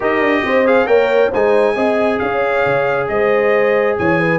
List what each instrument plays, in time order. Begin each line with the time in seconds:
0.00 tuba D#4, trombone G4, horn A#4, trumpet D#5
0.20 tuba D4
0.45 tuba C4, horn C5
0.65 trombone G#4, trumpet F5
0.85 tuba A#3, trombone A#4, horn C#5, trumpet G5
1.30 tuba G#3, trombone D#4, horn C5, trumpet G#5
1.75 tuba C4, trombone G#4, horn D#5
2.19 tuba C#4, horn C#5, trumpet F5
2.65 tuba C#3
3.08 tuba G#3, horn C5, trumpet D#5
3.98 tuba E3, horn C#5, trumpet G#5
4.20 horn B4